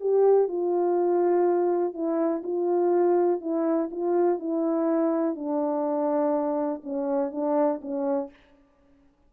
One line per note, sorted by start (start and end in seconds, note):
0.00 0.48 G4
0.48 1.93 F4
1.93 2.42 E4
2.43 3.41 F4
3.41 3.90 E4
3.91 4.39 F4
4.39 5.35 E4
5.35 6.81 D4
6.84 7.31 C#4
7.31 7.80 D4
7.81 8.30 C#4